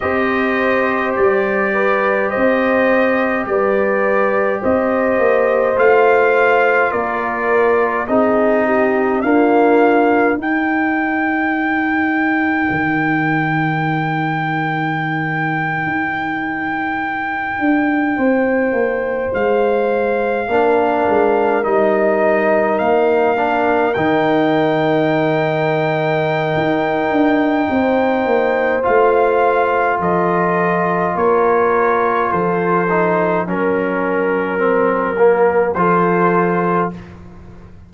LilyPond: <<
  \new Staff \with { instrumentName = "trumpet" } { \time 4/4 \tempo 4 = 52 dis''4 d''4 dis''4 d''4 | dis''4 f''4 d''4 dis''4 | f''4 g''2.~ | g''1~ |
g''8. f''2 dis''4 f''16~ | f''8. g''2.~ g''16~ | g''4 f''4 dis''4 cis''4 | c''4 ais'2 c''4 | }
  \new Staff \with { instrumentName = "horn" } { \time 4/4 c''4. b'8 c''4 b'4 | c''2 ais'4 gis'8 g'8 | f'4 ais'2.~ | ais'2.~ ais'8. c''16~ |
c''4.~ c''16 ais'2~ ais'16~ | ais'1 | c''2 a'4 ais'4 | a'4 ais'2 a'4 | }
  \new Staff \with { instrumentName = "trombone" } { \time 4/4 g'1~ | g'4 f'2 dis'4 | ais4 dis'2.~ | dis'1~ |
dis'4.~ dis'16 d'4 dis'4~ dis'16~ | dis'16 d'8 dis'2.~ dis'16~ | dis'4 f'2.~ | f'8 dis'8 cis'4 c'8 ais8 f'4 | }
  \new Staff \with { instrumentName = "tuba" } { \time 4/4 c'4 g4 c'4 g4 | c'8 ais8 a4 ais4 c'4 | d'4 dis'2 dis4~ | dis4.~ dis16 dis'4. d'8 c'16~ |
c'16 ais8 gis4 ais8 gis8 g4 ais16~ | ais8. dis2~ dis16 dis'8 d'8 | c'8 ais8 a4 f4 ais4 | f4 fis2 f4 | }
>>